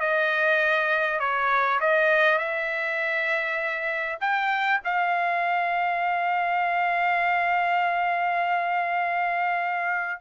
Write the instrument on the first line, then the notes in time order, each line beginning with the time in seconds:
trumpet
0.00 D#5
1.19 C#5
1.80 D#5
2.38 E5
4.20 G5
4.84 F5